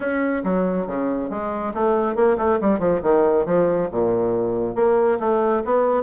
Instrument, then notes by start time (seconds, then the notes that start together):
bassoon
0.00 C#4
0.44 F#3
0.86 C#3
1.30 G#3
1.74 A3
2.15 A#3
2.37 A3
2.60 G3
2.79 F3
3.02 D#3
3.45 F3
3.91 A#2
4.75 A#3
5.19 A3
5.64 B3